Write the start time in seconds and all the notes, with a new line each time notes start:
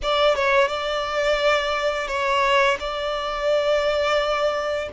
0.02 D5
0.35 C#5
0.68 D5
2.07 C#5
2.79 D5